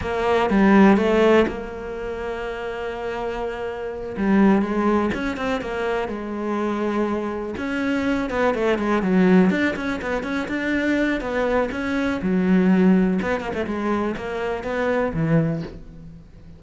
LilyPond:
\new Staff \with { instrumentName = "cello" } { \time 4/4 \tempo 4 = 123 ais4 g4 a4 ais4~ | ais1~ | ais8 g4 gis4 cis'8 c'8 ais8~ | ais8 gis2. cis'8~ |
cis'4 b8 a8 gis8 fis4 d'8 | cis'8 b8 cis'8 d'4. b4 | cis'4 fis2 b8 ais16 a16 | gis4 ais4 b4 e4 | }